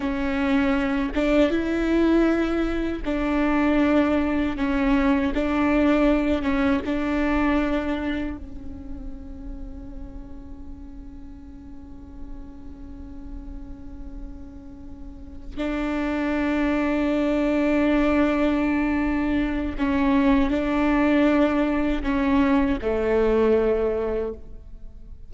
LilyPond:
\new Staff \with { instrumentName = "viola" } { \time 4/4 \tempo 4 = 79 cis'4. d'8 e'2 | d'2 cis'4 d'4~ | d'8 cis'8 d'2 cis'4~ | cis'1~ |
cis'1~ | cis'8 d'2.~ d'8~ | d'2 cis'4 d'4~ | d'4 cis'4 a2 | }